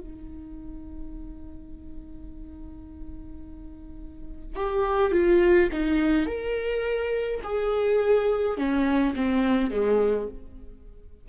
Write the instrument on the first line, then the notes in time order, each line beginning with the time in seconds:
viola
0.00 D#4
4.56 G4
5.11 F4
5.72 D#4
6.26 A#4
7.43 G#4
8.57 C#4
9.15 C4
9.70 G#3